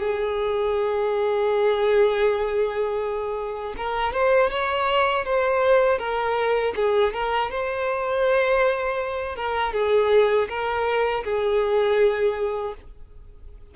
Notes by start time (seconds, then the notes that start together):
0.00 G#4
3.77 A#4
4.13 C5
4.51 C#5
5.25 C5
5.99 A#4
6.76 G#4
7.14 A#4
7.51 C5
9.36 A#4
9.73 G#4
10.49 A#4
11.24 G#4